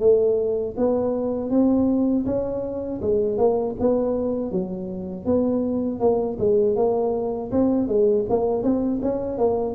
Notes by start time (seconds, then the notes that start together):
0.00 A3
0.77 B3
1.50 C4
2.26 C#4
3.02 G#3
3.38 A#3
3.80 B3
4.51 F#3
5.25 B3
6.00 A#3
6.39 G#3
6.76 A#3
7.52 C4
7.88 G#3
8.29 A#3
8.63 C4
9.02 C#4
9.38 A#3